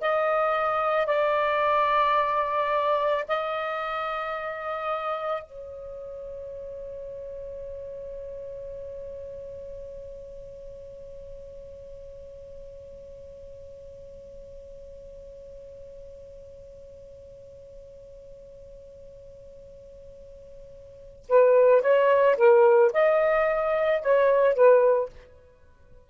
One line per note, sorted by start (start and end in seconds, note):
0.00 1.06 D#5
1.06 3.24 D5
3.28 5.43 D#5
5.43 21.25 C#5
21.28 21.81 B4
21.81 22.36 C#5
22.37 22.91 A#4
22.93 24.01 D#5
24.01 24.55 C#5
24.55 25.09 B4